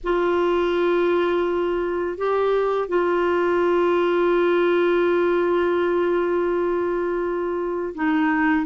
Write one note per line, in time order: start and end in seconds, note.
0.03 2.17 F4
2.17 2.88 G4
2.88 7.94 F4
7.94 8.65 D#4